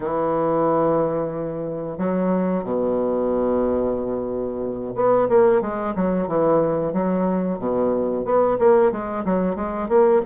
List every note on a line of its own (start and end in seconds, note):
0.00 1.98 E3
1.98 2.63 F#3
2.63 4.94 B2
4.95 5.27 B3
5.28 5.61 A#3
5.61 5.94 G#3
5.95 6.27 F#3
6.27 6.92 E3
6.92 7.58 F#3
7.58 8.24 B2
8.24 8.57 B3
8.58 8.91 A#3
8.91 9.24 G#3
9.24 9.55 F#3
9.55 9.88 G#3
9.88 10.21 A#3